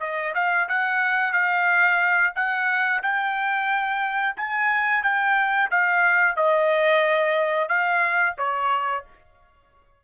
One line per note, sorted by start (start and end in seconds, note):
0.00 0.33 D#5
0.35 0.68 F5
0.69 1.33 F#5
1.33 2.33 F5
2.35 3.02 F#5
3.02 4.36 G5
4.37 5.03 G#5
5.03 5.70 G5
5.71 6.36 F5
6.36 7.69 D#5
7.69 8.35 F5
8.38 9.05 C#5